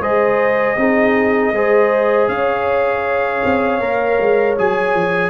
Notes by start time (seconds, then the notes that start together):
0.00 G#3 G#4 C5 D#5
0.77 C4 D#4 G#4
1.53 G#3 G#4 C5
2.29 C#4 C#5 F5
3.45 C4
3.81 A#3 A#4
4.20 G#3
4.58 F#3 G#4 G#5
4.95 F3